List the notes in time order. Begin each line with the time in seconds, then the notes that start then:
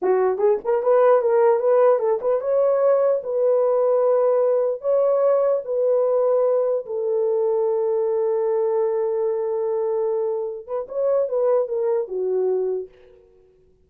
0.02 F#4
0.37 G#4
0.64 A#4
0.82 B4
1.21 A#4
1.59 B4
1.99 A4
2.21 B4
2.41 C#5
3.23 B4
4.81 C#5
5.64 B4
6.85 A4
10.66 B4
10.88 C#5
11.28 B4
11.67 A#4
12.07 F#4